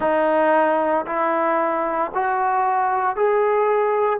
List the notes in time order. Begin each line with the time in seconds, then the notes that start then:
0.00 D#4
1.06 E4
2.14 F#4
3.16 G#4